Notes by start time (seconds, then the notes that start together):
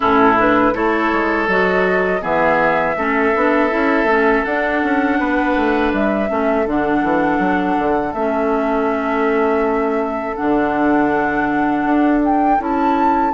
0.00 A2 C#4 E4 A4
0.37 D4 B4
0.73 A3 E4 A4 C#5
1.12 G#3
1.47 F#3 F#4 D#5
2.21 E3 B3 G#4 E5
2.96 A3 C#4 A4
3.35 B3 D4
3.69 C#4 E4
4.03 A3 C#4
4.44 D4 F#5
4.82 C#4
5.19 B3 B4
5.56 A3
5.92 G3 E5
6.28 A3 C#4 A4
6.66 D3 D4 F#5
7.02 E3
7.38 F#3
7.78 D3
8.13 A3 C#4 E5
10.35 D3 D4 F#5
11.84 D4
12.24 G5
12.58 C#4 E4 A5